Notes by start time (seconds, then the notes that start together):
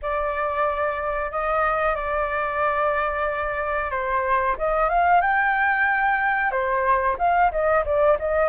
0.02 D5
1.31 D#5
1.95 D5
3.90 C5
4.58 D#5
4.89 F5
5.21 G5
6.51 C5
7.18 F5
7.51 D#5
7.85 D5
8.19 D#5